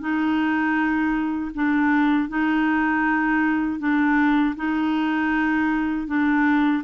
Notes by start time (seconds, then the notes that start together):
0.00 D#4
1.54 D4
2.29 D#4
3.79 D4
4.56 D#4
6.07 D4